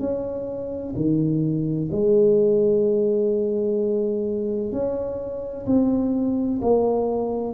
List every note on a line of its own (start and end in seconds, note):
0.00 0.94 C#4
0.96 1.90 D#3
1.92 4.72 G#3
4.72 5.66 C#4
5.66 6.60 C4
6.62 7.54 A#3